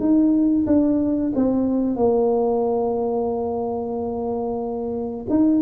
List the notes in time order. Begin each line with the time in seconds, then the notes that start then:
0.00 D#4
0.67 D4
1.35 C4
1.97 A#3
5.30 D#4